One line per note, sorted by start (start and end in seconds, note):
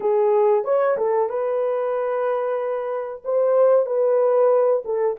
0.00 0.64 G#4
0.64 0.96 C#5
0.97 1.29 A4
1.29 3.22 B4
3.24 3.86 C5
3.86 4.82 B4
4.84 5.16 A4